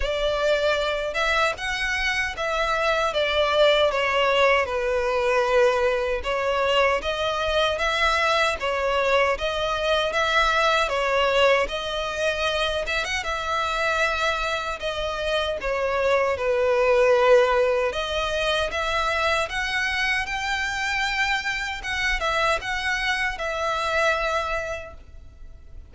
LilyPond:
\new Staff \with { instrumentName = "violin" } { \time 4/4 \tempo 4 = 77 d''4. e''8 fis''4 e''4 | d''4 cis''4 b'2 | cis''4 dis''4 e''4 cis''4 | dis''4 e''4 cis''4 dis''4~ |
dis''8 e''16 fis''16 e''2 dis''4 | cis''4 b'2 dis''4 | e''4 fis''4 g''2 | fis''8 e''8 fis''4 e''2 | }